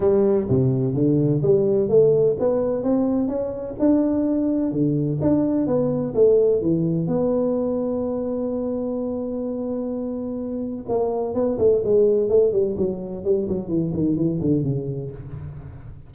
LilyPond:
\new Staff \with { instrumentName = "tuba" } { \time 4/4 \tempo 4 = 127 g4 c4 d4 g4 | a4 b4 c'4 cis'4 | d'2 d4 d'4 | b4 a4 e4 b4~ |
b1~ | b2. ais4 | b8 a8 gis4 a8 g8 fis4 | g8 fis8 e8 dis8 e8 d8 cis4 | }